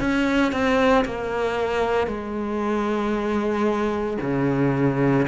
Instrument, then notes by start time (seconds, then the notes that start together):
cello
0.00 C#4
0.53 C4
1.05 A#3
2.08 G#3
4.22 C#3